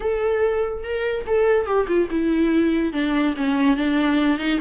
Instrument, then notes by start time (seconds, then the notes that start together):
viola
0.00 A4
0.83 A#4
1.27 A4
1.66 G4
1.87 F4
2.10 E4
2.93 D4
3.36 C#4
3.76 D4
4.38 D#4